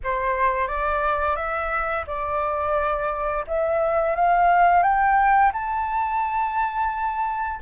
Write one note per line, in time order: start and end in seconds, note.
0.03 0.67 C5
0.67 1.36 D5
1.36 2.05 E5
2.06 3.44 D5
3.47 4.15 E5
4.15 4.82 F5
4.82 5.51 G5
5.52 7.59 A5